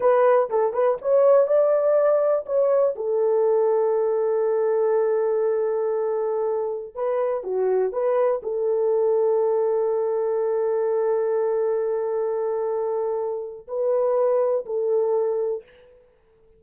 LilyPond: \new Staff \with { instrumentName = "horn" } { \time 4/4 \tempo 4 = 123 b'4 a'8 b'8 cis''4 d''4~ | d''4 cis''4 a'2~ | a'1~ | a'2~ a'16 b'4 fis'8.~ |
fis'16 b'4 a'2~ a'8.~ | a'1~ | a'1 | b'2 a'2 | }